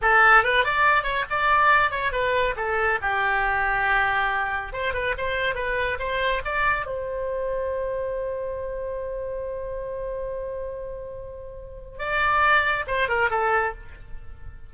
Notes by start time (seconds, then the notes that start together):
0.01 A4
0.43 B4
0.64 D5
1.03 C#5
1.30 D5
1.91 C#5
2.12 B4
2.56 A4
3.01 G4
4.72 C5
4.93 B4
5.17 C5
5.55 B4
5.99 C5
6.44 D5
6.86 C5
11.99 D5
12.87 C5
13.08 A#4
13.30 A4